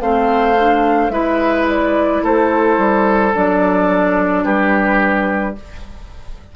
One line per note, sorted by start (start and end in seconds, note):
0.00 1.09 A3
0.00 0.56 C4
0.00 1.12 C5
0.00 1.10 F5
0.59 1.11 D4
1.09 2.20 G#3
1.09 3.33 E4
1.09 2.23 B4
1.09 1.65 E5
1.69 2.24 D5
2.22 2.77 A3
2.22 4.44 A4
2.22 3.34 C5
2.77 3.33 G3
3.33 4.44 F#3
3.33 5.55 D4
3.33 4.44 D5
4.44 5.55 G3
4.44 5.55 G4
4.44 5.55 B4